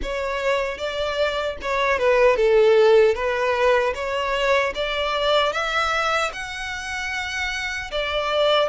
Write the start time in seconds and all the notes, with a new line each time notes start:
0.02 C#5
0.78 D5
1.61 C#5
1.98 B4
2.36 A4
3.14 B4
3.94 C#5
4.74 D5
5.52 E5
6.32 F#5
7.91 D5